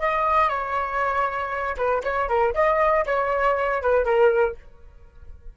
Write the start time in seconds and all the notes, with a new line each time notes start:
0.00 D#5
0.49 C#5
1.77 B4
2.04 C#5
2.29 A#4
2.54 D#5
3.06 C#5
3.82 B4
4.05 A#4